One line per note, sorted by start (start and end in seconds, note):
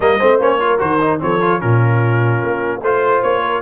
0.00 0.20 G3
0.00 0.19 A#3
0.00 0.18 A#4
0.00 0.40 D#5
0.18 0.39 A3
0.18 0.40 C4
0.18 0.58 C5
0.39 0.79 A#3
0.39 0.60 C#4
0.39 0.79 C#5
0.60 0.78 F4
0.60 1.21 A#4
0.78 1.21 D#3
0.78 0.98 F#4
0.78 1.19 C5
1.01 1.19 D#4
1.19 1.62 F3
1.19 1.39 C4
1.19 1.59 A4
1.19 1.60 C#5
1.40 1.60 F4
1.59 2.42 A#2
1.59 2.80 C#4
1.59 2.80 F4
1.59 2.81 A#4
2.42 2.81 A#3
2.81 3.21 A3
2.81 3.61 F4
2.81 3.41 C5
2.81 3.22 C5
3.22 3.61 A#3
3.22 3.61 C#5
3.41 3.61 A#4